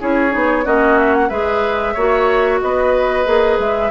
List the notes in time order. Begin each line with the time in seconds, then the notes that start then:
0.00 C#4 E4 G#4 C#5
0.30 B3 D#4
0.64 A#3 C#4 F#4 D#5
0.98 E5
1.14 F#5
1.28 G#3 G#4 B4 E5
1.93 A#3 F#4 C#5
2.61 B3 B4 D#5
3.25 A#3 G#4
3.58 G#3 E5